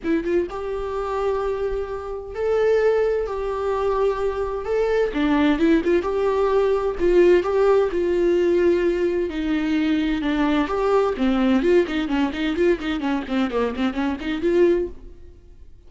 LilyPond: \new Staff \with { instrumentName = "viola" } { \time 4/4 \tempo 4 = 129 e'8 f'8 g'2.~ | g'4 a'2 g'4~ | g'2 a'4 d'4 | e'8 f'8 g'2 f'4 |
g'4 f'2. | dis'2 d'4 g'4 | c'4 f'8 dis'8 cis'8 dis'8 f'8 dis'8 | cis'8 c'8 ais8 c'8 cis'8 dis'8 f'4 | }